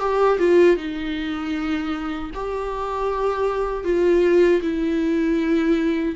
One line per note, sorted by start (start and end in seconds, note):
0.00 0.38 G4
0.39 0.77 F4
0.77 2.31 D#4
2.34 3.84 G4
3.84 4.61 F4
4.62 6.16 E4